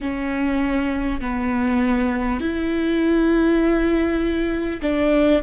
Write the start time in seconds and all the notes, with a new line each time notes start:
0.01 C#4
1.21 B3
2.40 E4
4.82 D4